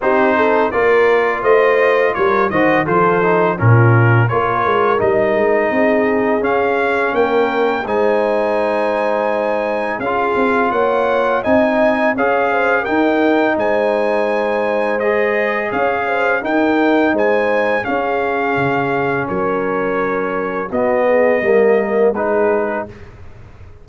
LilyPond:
<<
  \new Staff \with { instrumentName = "trumpet" } { \time 4/4 \tempo 4 = 84 c''4 d''4 dis''4 cis''8 dis''8 | c''4 ais'4 cis''4 dis''4~ | dis''4 f''4 g''4 gis''4~ | gis''2 f''4 fis''4 |
gis''4 f''4 g''4 gis''4~ | gis''4 dis''4 f''4 g''4 | gis''4 f''2 cis''4~ | cis''4 dis''2 b'4 | }
  \new Staff \with { instrumentName = "horn" } { \time 4/4 g'8 a'8 ais'4 c''4 ais'8 c''8 | a'4 f'4 ais'2 | gis'2 ais'4 c''4~ | c''2 gis'4 cis''4 |
dis''4 cis''8 c''8 ais'4 c''4~ | c''2 cis''8 c''8 ais'4 | c''4 gis'2 ais'4~ | ais'4 fis'8 gis'8 ais'4 gis'4 | }
  \new Staff \with { instrumentName = "trombone" } { \time 4/4 dis'4 f'2~ f'8 fis'8 | f'8 dis'8 cis'4 f'4 dis'4~ | dis'4 cis'2 dis'4~ | dis'2 f'2 |
dis'4 gis'4 dis'2~ | dis'4 gis'2 dis'4~ | dis'4 cis'2.~ | cis'4 b4 ais4 dis'4 | }
  \new Staff \with { instrumentName = "tuba" } { \time 4/4 c'4 ais4 a4 g8 dis8 | f4 ais,4 ais8 gis8 g8 gis8 | c'4 cis'4 ais4 gis4~ | gis2 cis'8 c'8 ais4 |
c'4 cis'4 dis'4 gis4~ | gis2 cis'4 dis'4 | gis4 cis'4 cis4 fis4~ | fis4 b4 g4 gis4 | }
>>